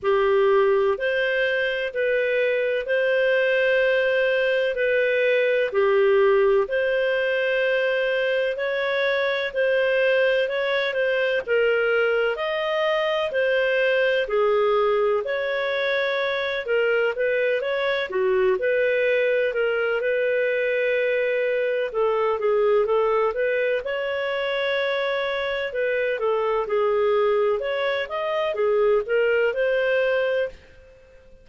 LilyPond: \new Staff \with { instrumentName = "clarinet" } { \time 4/4 \tempo 4 = 63 g'4 c''4 b'4 c''4~ | c''4 b'4 g'4 c''4~ | c''4 cis''4 c''4 cis''8 c''8 | ais'4 dis''4 c''4 gis'4 |
cis''4. ais'8 b'8 cis''8 fis'8 b'8~ | b'8 ais'8 b'2 a'8 gis'8 | a'8 b'8 cis''2 b'8 a'8 | gis'4 cis''8 dis''8 gis'8 ais'8 c''4 | }